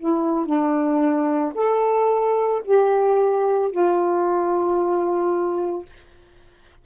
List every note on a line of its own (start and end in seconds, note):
0.00 0.46 E4
0.46 1.53 D4
1.55 2.62 A4
2.65 3.72 G4
3.72 5.86 F4